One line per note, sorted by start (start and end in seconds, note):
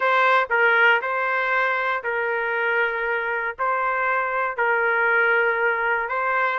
0.00 0.48 C5
0.50 1.01 A#4
1.01 2.03 C5
2.03 3.56 A#4
3.58 4.56 C5
4.56 6.09 A#4
6.09 6.59 C5